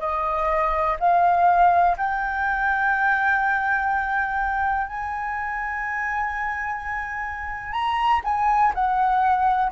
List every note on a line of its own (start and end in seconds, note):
0.00 0.97 D#5
1.00 1.97 F5
1.98 4.88 G5
4.88 7.73 G#5
7.73 8.21 A#5
8.24 8.73 G#5
8.75 9.72 F#5